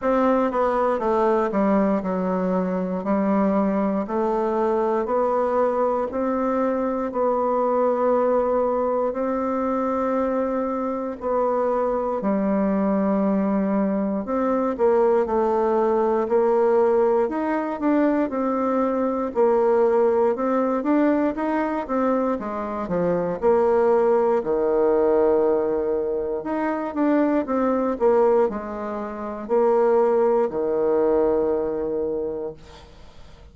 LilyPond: \new Staff \with { instrumentName = "bassoon" } { \time 4/4 \tempo 4 = 59 c'8 b8 a8 g8 fis4 g4 | a4 b4 c'4 b4~ | b4 c'2 b4 | g2 c'8 ais8 a4 |
ais4 dis'8 d'8 c'4 ais4 | c'8 d'8 dis'8 c'8 gis8 f8 ais4 | dis2 dis'8 d'8 c'8 ais8 | gis4 ais4 dis2 | }